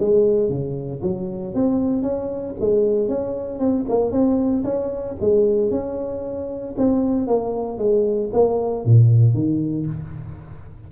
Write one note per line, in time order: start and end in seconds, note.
0.00 0.49 G#3
0.49 1.02 C#3
1.02 1.55 F#3
1.55 2.03 C4
2.03 2.55 C#4
2.60 3.09 G#3
3.09 3.60 C#4
3.60 3.86 C4
3.89 4.12 A#3
4.12 4.64 C4
4.64 5.16 C#4
5.21 5.71 G#3
5.71 6.75 C#4
6.78 7.27 C4
7.27 7.78 A#3
7.78 8.31 G#3
8.33 8.85 A#3
8.86 9.34 A#2
9.34 9.86 D#3